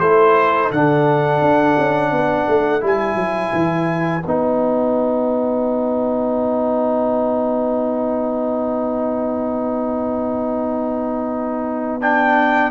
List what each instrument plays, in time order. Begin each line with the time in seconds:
0.00 tuba A3, trombone E4, horn A4, trumpet C5
0.71 tuba D3, trombone D4, trumpet F#5
1.41 tuba D4
1.78 tuba C#4
2.12 tuba B3, horn B4
2.48 tuba A3
2.81 tuba G3, trombone E4, trumpet G#5
3.16 tuba F#3
3.53 tuba E3
4.24 tuba B3, trombone D#4, trumpet F#5
12.01 trombone D4, trumpet G5